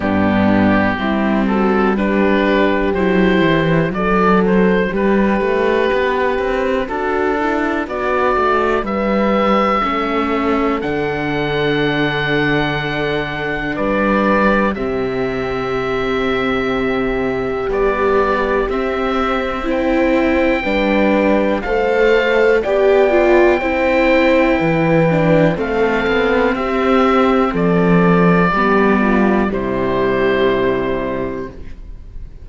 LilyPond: <<
  \new Staff \with { instrumentName = "oboe" } { \time 4/4 \tempo 4 = 61 g'4. a'8 b'4 c''4 | d''8 c''8 b'2 a'4 | d''4 e''2 fis''4~ | fis''2 d''4 e''4~ |
e''2 d''4 e''4 | g''2 f''4 g''4~ | g''2 f''4 e''4 | d''2 c''2 | }
  \new Staff \with { instrumentName = "horn" } { \time 4/4 d'4 e'8 fis'8 g'2 | a'4 g'2 fis'8 e'8 | fis'4 b'4 a'2~ | a'2 b'4 g'4~ |
g'1 | c''4 b'4 c''4 d''4 | c''4 b'4 a'4 g'4 | a'4 g'8 f'8 e'2 | }
  \new Staff \with { instrumentName = "viola" } { \time 4/4 b4 c'4 d'4 e'4 | d'1~ | d'2 cis'4 d'4~ | d'2. c'4~ |
c'2 g4 c'4 | e'4 d'4 a'4 g'8 f'8 | e'4. d'8 c'2~ | c'4 b4 g2 | }
  \new Staff \with { instrumentName = "cello" } { \time 4/4 g,4 g2 fis8 e8 | fis4 g8 a8 b8 c'8 d'4 | b8 a8 g4 a4 d4~ | d2 g4 c4~ |
c2 b4 c'4~ | c'4 g4 a4 b4 | c'4 e4 a8 b8 c'4 | f4 g4 c2 | }
>>